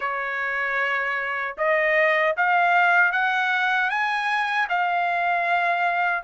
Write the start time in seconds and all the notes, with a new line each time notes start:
0.00 C#5
1.57 D#5
2.37 F5
3.12 F#5
3.90 G#5
4.69 F5